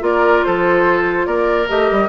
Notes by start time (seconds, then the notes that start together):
0.00 A#3 F4 A#4 D5
0.44 F3 A4 C5
1.26 A#3 A#4 D5
1.68 A3 G4 D#5
1.91 G3